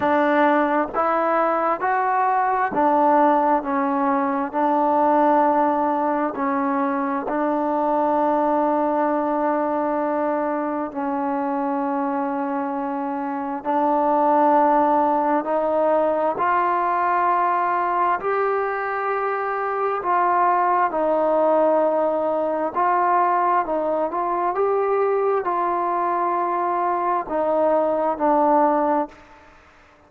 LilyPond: \new Staff \with { instrumentName = "trombone" } { \time 4/4 \tempo 4 = 66 d'4 e'4 fis'4 d'4 | cis'4 d'2 cis'4 | d'1 | cis'2. d'4~ |
d'4 dis'4 f'2 | g'2 f'4 dis'4~ | dis'4 f'4 dis'8 f'8 g'4 | f'2 dis'4 d'4 | }